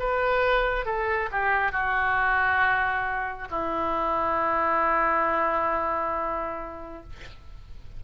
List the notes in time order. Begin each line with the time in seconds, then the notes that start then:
0.00 B4
0.86 A4
1.32 G4
1.72 F#4
3.51 E4